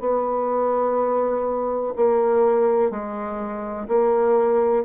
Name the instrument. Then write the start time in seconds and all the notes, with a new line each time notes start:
bassoon
0.00 B3
1.96 A#3
2.91 G#3
3.88 A#3